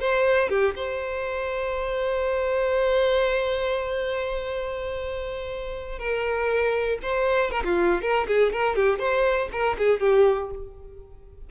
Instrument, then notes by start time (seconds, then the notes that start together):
violin
0.00 C5
0.49 G4
0.75 C5
5.99 A#4
7.02 C5
7.51 A#4
7.64 F4
8.02 A#4
8.28 G#4
8.53 A#4
8.76 G4
8.99 C5
9.52 A#4
9.78 G#4
10.00 G4